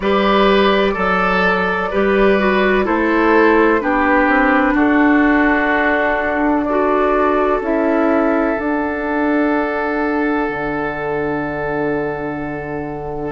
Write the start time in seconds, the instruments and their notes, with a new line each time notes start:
0.00 bassoon G3, clarinet G4, oboe B4, flute D5
0.93 bassoon F#3, oboe A4, clarinet A4
1.90 bassoon G3, clarinet G4, oboe B4
2.39 clarinet F#4
2.85 bassoon A3, clarinet E4, oboe A4, flute C5
3.80 bassoon B3, clarinet D4, oboe G4, flute B4
4.27 bassoon C4
4.73 bassoon D4, oboe F#4, flute A4
6.64 clarinet F#4, oboe A4, flute D5
7.60 bassoon C#4, clarinet E4, flute E5
8.57 clarinet D4, bassoon D4, flute F#5
10.49 bassoon D3